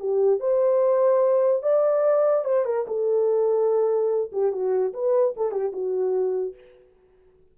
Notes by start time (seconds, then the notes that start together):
0.00 G4
0.40 C5
1.63 D5
2.45 C5
2.66 A#4
2.88 A4
4.33 G4
4.53 F#4
4.94 B4
5.37 A4
5.52 G4
5.73 F#4